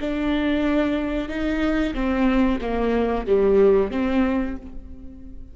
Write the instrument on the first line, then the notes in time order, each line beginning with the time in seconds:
viola
0.00 D4
1.28 D#4
1.94 C4
2.61 A#3
3.26 G3
3.91 C4